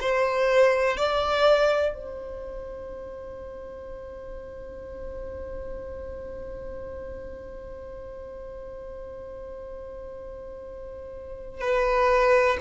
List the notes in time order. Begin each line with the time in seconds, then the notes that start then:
0.00 C5
0.97 D5
1.94 C5
11.61 B4